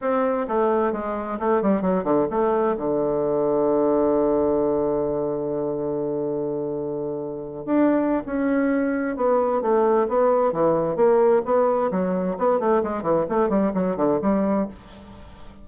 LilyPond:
\new Staff \with { instrumentName = "bassoon" } { \time 4/4 \tempo 4 = 131 c'4 a4 gis4 a8 g8 | fis8 d8 a4 d2~ | d1~ | d1~ |
d8. d'4~ d'16 cis'2 | b4 a4 b4 e4 | ais4 b4 fis4 b8 a8 | gis8 e8 a8 g8 fis8 d8 g4 | }